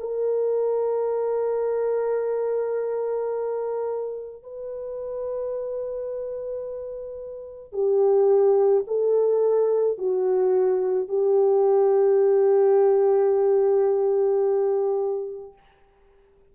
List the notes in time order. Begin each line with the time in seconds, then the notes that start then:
0.00 A#4
4.43 B4
7.73 G4
8.87 A4
9.98 F#4
11.09 G4